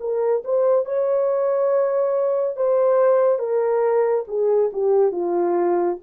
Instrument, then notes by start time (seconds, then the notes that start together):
horn
0.00 A#4
0.45 C5
0.85 C#5
2.57 C5
3.39 A#4
4.28 G#4
4.73 G4
5.12 F4